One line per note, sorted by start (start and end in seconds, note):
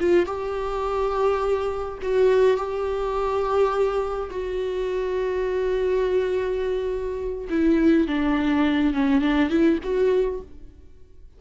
0.00 0.26 F4
0.26 1.99 G4
2.02 2.57 F#4
2.57 4.30 G4
4.31 7.48 F#4
7.50 8.07 E4
8.07 8.94 D4
8.94 9.22 C#4
9.22 9.50 D4
9.50 9.79 E4
9.83 10.41 F#4